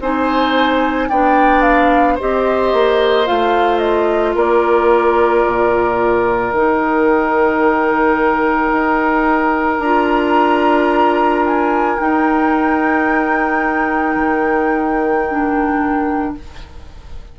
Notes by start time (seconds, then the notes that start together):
0.00 C4 D#4 C5 G#5
1.09 B3 D4 D5 G5
1.62 F5
2.15 G4 C5 D#5
2.21 C4
2.73 A#3
3.26 A3 F4 F5
3.78 D#5
4.34 A#3 A#4 D5
5.46 A#2
6.52 D#3 D#4 G5
8.72 D#4
9.79 D4 F4 A#5
11.45 G#5
11.98 D#4 G5
14.15 D#3
15.30 D4